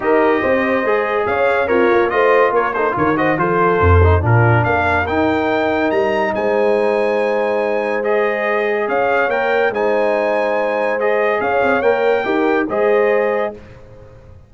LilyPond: <<
  \new Staff \with { instrumentName = "trumpet" } { \time 4/4 \tempo 4 = 142 dis''2. f''4 | cis''4 dis''4 cis''8 c''8 cis''8 dis''8 | c''2 ais'4 f''4 | g''2 ais''4 gis''4~ |
gis''2. dis''4~ | dis''4 f''4 g''4 gis''4~ | gis''2 dis''4 f''4 | g''2 dis''2 | }
  \new Staff \with { instrumentName = "horn" } { \time 4/4 ais'4 c''2 cis''4 | f'4 c''4 ais'8 a'8 ais'8 c''8 | a'2 f'4 ais'4~ | ais'2. c''4~ |
c''1~ | c''4 cis''2 c''4~ | c''2. cis''4~ | cis''4 ais'4 c''2 | }
  \new Staff \with { instrumentName = "trombone" } { \time 4/4 g'2 gis'2 | ais'4 f'4. dis'8 f'8 fis'8 | f'4. dis'8 d'2 | dis'1~ |
dis'2. gis'4~ | gis'2 ais'4 dis'4~ | dis'2 gis'2 | ais'4 g'4 gis'2 | }
  \new Staff \with { instrumentName = "tuba" } { \time 4/4 dis'4 c'4 gis4 cis'4 | c'8 ais8 a4 ais4 dis4 | f4 f,4 ais,4 ais4 | dis'2 g4 gis4~ |
gis1~ | gis4 cis'4 ais4 gis4~ | gis2. cis'8 c'8 | ais4 dis'4 gis2 | }
>>